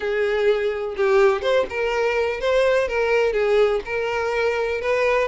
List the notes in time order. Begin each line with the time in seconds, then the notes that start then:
0.00 G#4
0.96 G4
1.42 C5
1.69 A#4
2.40 C5
2.88 A#4
3.33 G#4
3.85 A#4
4.81 B4